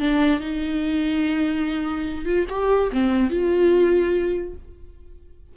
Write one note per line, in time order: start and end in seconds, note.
0.00 0.40 D4
0.40 2.25 D#4
2.25 2.46 F4
2.49 2.90 G4
2.92 3.30 C4
3.30 4.54 F4